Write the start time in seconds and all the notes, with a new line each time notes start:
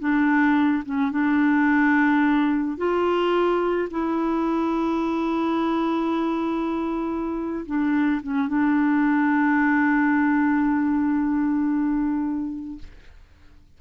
0.00 D4
0.85 C#4
1.12 D4
2.78 F4
3.91 E4
7.66 D4
8.23 C#4
8.48 D4